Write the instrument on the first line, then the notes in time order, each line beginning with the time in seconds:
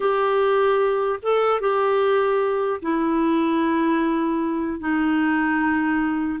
clarinet
0.00 G4
1.22 A4
1.60 G4
2.82 E4
4.79 D#4